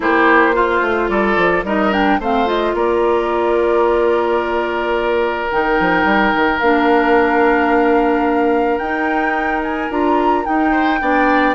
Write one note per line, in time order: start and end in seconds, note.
0.00 0.81 A#3
0.00 0.53 E4
0.00 0.55 G4
0.00 1.08 C5
0.53 1.63 F4
0.53 1.10 F4
0.81 1.08 A3
1.08 1.36 G3
1.08 1.65 A4
1.08 1.63 D5
1.36 1.63 F3
1.63 2.18 G3
1.63 1.91 D#4
1.63 2.20 A#4
1.63 1.92 D#5
1.91 2.19 D4
1.91 2.20 G5
2.18 2.73 A3
2.18 2.46 C4
2.18 2.75 C5
2.18 2.48 F5
2.46 5.48 F4
2.46 2.75 D#5
2.73 5.48 A#3
2.73 10.71 A#4
2.73 5.50 D5
5.50 5.79 D#3
5.50 6.61 D#4
5.50 6.59 G5
5.79 6.04 F3
6.04 6.32 G3
6.35 6.61 D#3
6.59 8.79 A#3
6.59 8.81 D4
6.59 8.78 F5
8.78 9.89 D#4
8.78 9.90 D#4
8.78 9.60 G5
9.63 9.90 G#5
9.89 10.44 D4
9.89 10.44 F4
9.89 10.45 A#5
10.44 10.99 D#4
10.44 11.00 D#4
10.44 11.54 G5
10.71 10.99 C5
11.00 11.54 B3
11.00 11.54 D4
11.00 11.54 D5